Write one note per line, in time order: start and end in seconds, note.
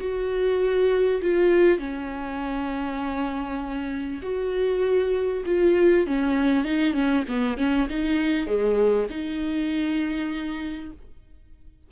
0.00 1.21 F#4
1.21 1.78 F4
1.78 4.21 C#4
4.22 5.44 F#4
5.46 6.06 F4
6.06 6.64 C#4
6.64 6.93 D#4
6.93 7.24 C#4
7.28 7.57 B3
7.57 7.88 C#4
7.89 8.47 D#4
8.47 9.07 G#3
9.09 10.91 D#4